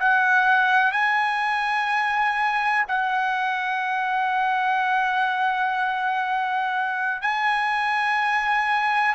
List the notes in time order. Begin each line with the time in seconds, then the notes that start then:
0.00 F#5
0.92 G#5
2.88 F#5
7.22 G#5